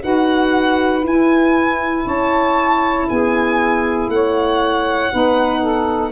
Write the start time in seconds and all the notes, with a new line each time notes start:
0.00 D#4 F#4 B4 F#5
1.03 E4 G#5
2.05 C#4 C#5 A5
3.09 B3 G#4 G#5
4.07 A3 C#5 F#5
5.10 B3 D#4 B4
5.59 A4